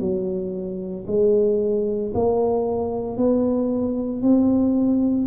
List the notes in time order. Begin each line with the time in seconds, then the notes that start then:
0.00 F#3
1.08 G#3
2.15 A#3
3.18 B3
4.22 C4